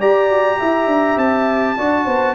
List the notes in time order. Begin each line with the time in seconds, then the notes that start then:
0.00 G4 D5 A#5
0.29 F#4
0.59 E4 E5
0.87 D4
1.17 C4 A5
1.77 D4 F#4 D5
2.06 B3 C5